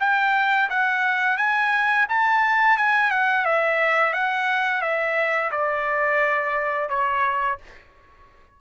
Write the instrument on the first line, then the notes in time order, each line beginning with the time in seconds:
trumpet
0.00 G5
0.70 F#5
1.37 G#5
2.09 A5
2.77 G#5
3.11 F#5
3.45 E5
4.13 F#5
4.82 E5
5.51 D5
6.89 C#5